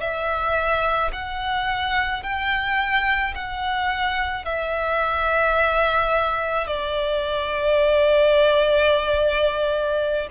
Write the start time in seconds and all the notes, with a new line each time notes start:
0.00 E5
1.13 F#5
2.23 G5
3.35 F#5
4.45 E5
6.67 D5